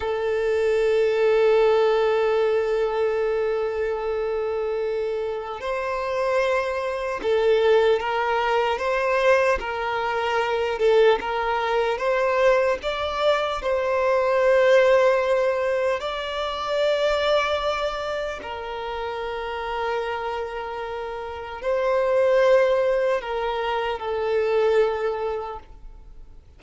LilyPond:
\new Staff \with { instrumentName = "violin" } { \time 4/4 \tempo 4 = 75 a'1~ | a'2. c''4~ | c''4 a'4 ais'4 c''4 | ais'4. a'8 ais'4 c''4 |
d''4 c''2. | d''2. ais'4~ | ais'2. c''4~ | c''4 ais'4 a'2 | }